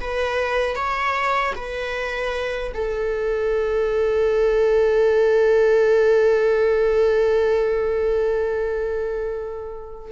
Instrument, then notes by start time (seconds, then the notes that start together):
viola
0.00 B4
0.75 C#5
1.55 B4
2.74 A4